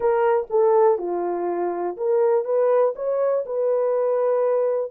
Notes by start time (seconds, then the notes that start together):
0.00 A#4
0.50 A4
0.97 F4
1.96 A#4
2.45 B4
2.95 C#5
3.45 B4